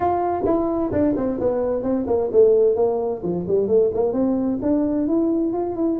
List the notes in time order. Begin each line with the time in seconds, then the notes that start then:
0.00 F4
0.45 E4
0.91 D4
1.16 C4
1.40 B3
1.82 C4
2.06 A#3
2.32 A3
2.75 A#3
3.23 F3
3.47 G3
3.67 A3
3.94 A#3
4.12 C4
4.62 D4
5.07 E4
5.53 F4
5.76 E4